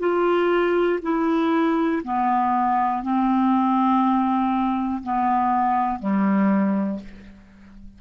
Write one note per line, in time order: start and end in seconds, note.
0.00 1.00 F4
1.03 2.03 E4
2.04 3.03 B3
3.03 5.03 C4
5.04 6.00 B3
6.00 7.00 G3